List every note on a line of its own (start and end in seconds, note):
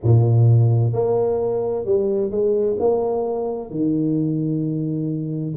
0.03 0.92 A#2
0.92 1.85 A#3
1.85 2.30 G3
2.30 2.77 G#3
2.79 3.70 A#3
3.70 5.55 D#3